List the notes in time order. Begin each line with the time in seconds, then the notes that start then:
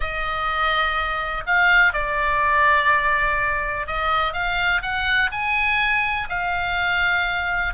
0.00 D#5
1.46 F5
1.93 D5
3.86 D#5
4.33 F5
4.82 F#5
5.31 G#5
6.29 F5